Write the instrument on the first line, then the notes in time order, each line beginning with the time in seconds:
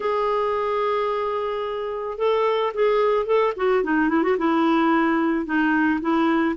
clarinet
0.00 G#4
2.18 A4
2.74 G#4
3.26 A4
3.56 F#4
3.83 D#4
4.09 E4
4.23 F#4
4.38 E4
5.45 D#4
6.01 E4